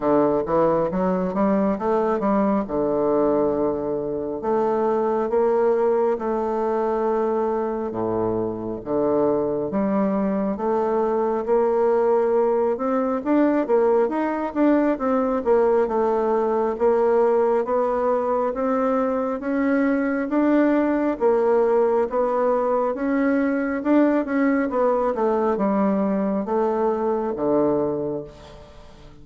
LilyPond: \new Staff \with { instrumentName = "bassoon" } { \time 4/4 \tempo 4 = 68 d8 e8 fis8 g8 a8 g8 d4~ | d4 a4 ais4 a4~ | a4 a,4 d4 g4 | a4 ais4. c'8 d'8 ais8 |
dis'8 d'8 c'8 ais8 a4 ais4 | b4 c'4 cis'4 d'4 | ais4 b4 cis'4 d'8 cis'8 | b8 a8 g4 a4 d4 | }